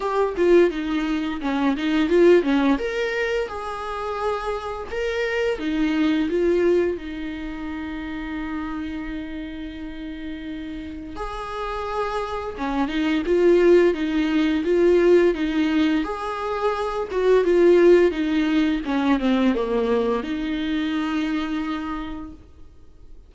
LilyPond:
\new Staff \with { instrumentName = "viola" } { \time 4/4 \tempo 4 = 86 g'8 f'8 dis'4 cis'8 dis'8 f'8 cis'8 | ais'4 gis'2 ais'4 | dis'4 f'4 dis'2~ | dis'1 |
gis'2 cis'8 dis'8 f'4 | dis'4 f'4 dis'4 gis'4~ | gis'8 fis'8 f'4 dis'4 cis'8 c'8 | ais4 dis'2. | }